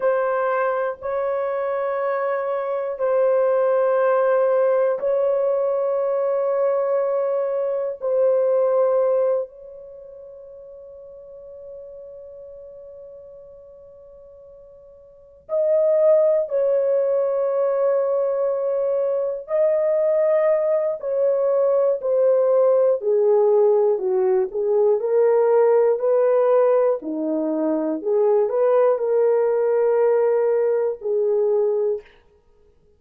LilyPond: \new Staff \with { instrumentName = "horn" } { \time 4/4 \tempo 4 = 60 c''4 cis''2 c''4~ | c''4 cis''2. | c''4. cis''2~ cis''8~ | cis''2.~ cis''8 dis''8~ |
dis''8 cis''2. dis''8~ | dis''4 cis''4 c''4 gis'4 | fis'8 gis'8 ais'4 b'4 dis'4 | gis'8 b'8 ais'2 gis'4 | }